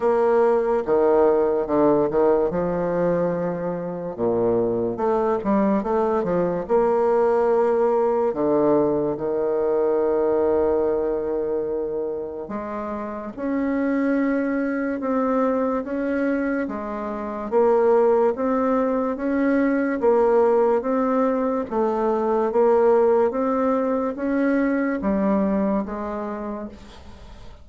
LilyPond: \new Staff \with { instrumentName = "bassoon" } { \time 4/4 \tempo 4 = 72 ais4 dis4 d8 dis8 f4~ | f4 ais,4 a8 g8 a8 f8 | ais2 d4 dis4~ | dis2. gis4 |
cis'2 c'4 cis'4 | gis4 ais4 c'4 cis'4 | ais4 c'4 a4 ais4 | c'4 cis'4 g4 gis4 | }